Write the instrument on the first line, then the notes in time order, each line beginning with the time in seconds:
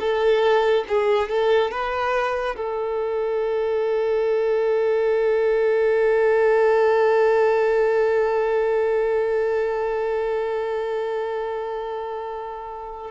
violin
0.00 A4
0.89 G#4
1.29 A4
1.72 B4
2.57 A4